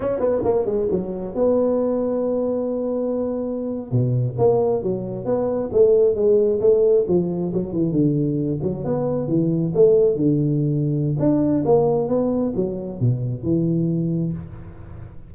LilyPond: \new Staff \with { instrumentName = "tuba" } { \time 4/4 \tempo 4 = 134 cis'8 b8 ais8 gis8 fis4 b4~ | b1~ | b8. b,4 ais4 fis4 b16~ | b8. a4 gis4 a4 f16~ |
f8. fis8 e8 d4. fis8 b16~ | b8. e4 a4 d4~ d16~ | d4 d'4 ais4 b4 | fis4 b,4 e2 | }